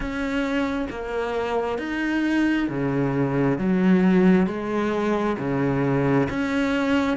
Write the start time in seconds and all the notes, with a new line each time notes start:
0.00 C#4
0.90 A#3
1.78 D#4
2.68 C#3
3.58 F#3
4.46 G#3
5.38 C#3
6.29 C#4